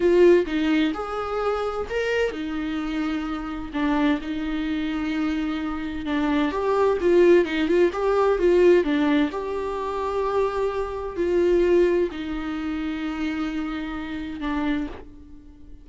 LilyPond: \new Staff \with { instrumentName = "viola" } { \time 4/4 \tempo 4 = 129 f'4 dis'4 gis'2 | ais'4 dis'2. | d'4 dis'2.~ | dis'4 d'4 g'4 f'4 |
dis'8 f'8 g'4 f'4 d'4 | g'1 | f'2 dis'2~ | dis'2. d'4 | }